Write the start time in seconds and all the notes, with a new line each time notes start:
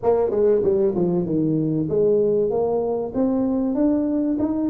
0.03 A#3
0.30 G#3
0.62 G3
0.95 F3
1.25 D#3
1.89 G#3
2.50 A#3
3.14 C4
3.74 D4
4.39 D#4